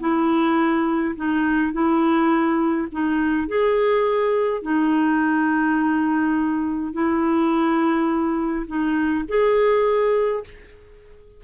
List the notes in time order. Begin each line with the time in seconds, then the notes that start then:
0.00 E4
1.16 D#4
1.73 E4
2.92 D#4
3.48 G#4
4.63 D#4
6.94 E4
8.67 D#4
9.29 G#4